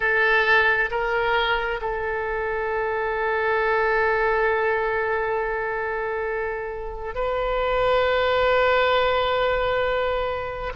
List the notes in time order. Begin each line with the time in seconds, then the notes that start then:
0.00 A4
0.90 A#4
1.81 A4
7.14 B4